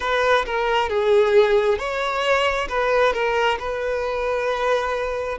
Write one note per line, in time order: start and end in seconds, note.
0.00 0.45 B4
0.45 0.89 A#4
0.89 1.78 G#4
1.78 2.68 C#5
2.68 3.13 B4
3.13 3.57 A#4
3.59 5.38 B4